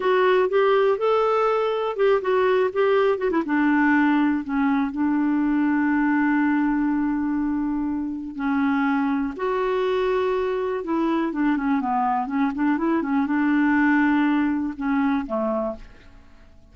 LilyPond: \new Staff \with { instrumentName = "clarinet" } { \time 4/4 \tempo 4 = 122 fis'4 g'4 a'2 | g'8 fis'4 g'4 fis'16 e'16 d'4~ | d'4 cis'4 d'2~ | d'1~ |
d'4 cis'2 fis'4~ | fis'2 e'4 d'8 cis'8 | b4 cis'8 d'8 e'8 cis'8 d'4~ | d'2 cis'4 a4 | }